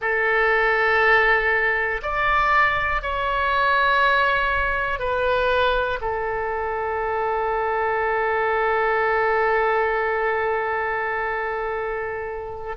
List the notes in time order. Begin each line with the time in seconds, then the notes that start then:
0.00 A4
2.02 D5
3.01 C#5
4.99 B4
6.00 A4